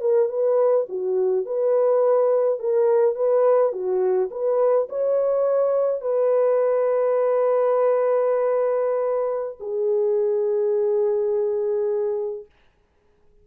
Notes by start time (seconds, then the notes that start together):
0.00 A#4
0.29 B4
0.88 F#4
1.45 B4
2.59 A#4
3.15 B4
3.72 F#4
4.30 B4
4.89 C#5
6.01 B4
9.59 G#4